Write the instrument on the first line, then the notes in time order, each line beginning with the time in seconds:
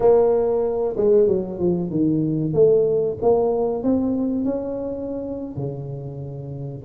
tuba
0.00 A#3
0.96 G#3
1.27 F#3
1.59 F3
1.90 D#3
2.53 A3
3.21 A#3
3.83 C4
4.44 C#4
5.56 C#3